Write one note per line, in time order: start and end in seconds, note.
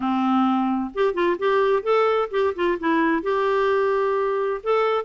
0.00 0.90 C4
0.94 1.13 G4
1.13 1.37 F4
1.38 1.83 G4
1.83 2.29 A4
2.31 2.54 G4
2.55 2.78 F4
2.79 3.22 E4
3.22 4.61 G4
4.63 5.04 A4